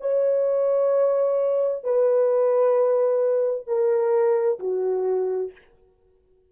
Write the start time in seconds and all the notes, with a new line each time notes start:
0.00 C#5
1.84 B4
3.67 A#4
4.59 F#4